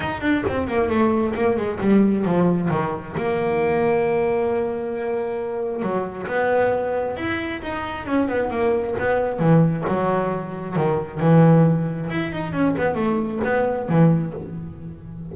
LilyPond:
\new Staff \with { instrumentName = "double bass" } { \time 4/4 \tempo 4 = 134 dis'8 d'8 c'8 ais8 a4 ais8 gis8 | g4 f4 dis4 ais4~ | ais1~ | ais4 fis4 b2 |
e'4 dis'4 cis'8 b8 ais4 | b4 e4 fis2 | dis4 e2 e'8 dis'8 | cis'8 b8 a4 b4 e4 | }